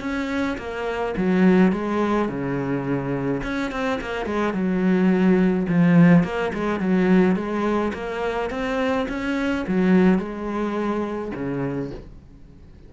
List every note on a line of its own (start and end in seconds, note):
0.00 0.57 C#4
0.58 1.14 A#3
1.17 1.72 F#3
1.72 2.28 G#3
2.28 3.42 C#3
3.43 3.71 C#4
3.71 4.00 C4
4.01 4.26 A#3
4.26 4.53 G#3
4.53 5.67 F#3
5.68 6.24 F3
6.24 6.52 A#3
6.53 6.80 G#3
6.80 7.36 F#3
7.36 7.92 G#3
7.93 8.50 A#3
8.50 9.07 C4
9.08 9.65 C#4
9.67 10.18 F#3
10.18 11.32 G#3
11.34 11.91 C#3